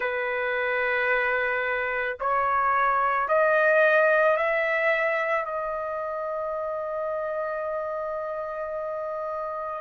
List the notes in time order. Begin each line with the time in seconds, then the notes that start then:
0.00 B4
2.20 C#5
3.28 D#5
4.36 E5
5.45 D#5